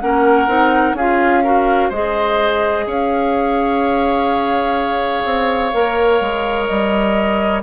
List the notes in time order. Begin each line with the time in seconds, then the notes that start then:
0.00 A#3 C#4 A#4 F#5
0.47 C4 D#4
0.93 C#4 F4 G#4 F5
1.43 F#4 A#4
1.89 G#3 G#4 C5 D#5
2.86 C#4 C#5 F5
5.24 C4
5.73 A#3 A#4
6.20 G#3
6.65 G3 D#5